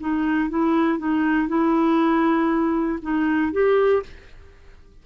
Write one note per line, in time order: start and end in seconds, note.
0.00 0.50 D#4
0.50 0.99 E4
0.99 1.48 D#4
1.48 2.99 E4
3.02 3.52 D#4
3.52 4.03 G4